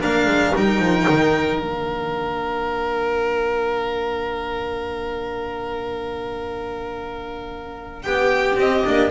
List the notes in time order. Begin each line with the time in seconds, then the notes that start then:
0.00 A#3 D4 A#4 F5
0.26 G#3
0.55 G3 D#4 G5
0.79 F3
1.09 D#3
1.59 A#3 D4 F5
8.02 B3 G4 G5
8.56 C4 D#5
8.85 A#3 D4